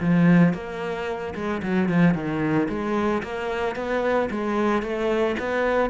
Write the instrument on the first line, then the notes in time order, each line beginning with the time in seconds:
cello
0.00 F3
0.54 A#3
1.35 G#3
1.62 F#3
1.88 F3
2.14 D#3
2.69 G#3
3.22 A#3
3.75 B3
4.30 G#3
4.82 A3
5.39 B3